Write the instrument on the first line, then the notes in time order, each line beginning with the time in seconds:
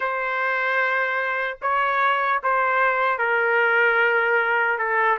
trumpet
0.00 C5
1.61 C#5
2.43 C5
3.18 A#4
4.78 A4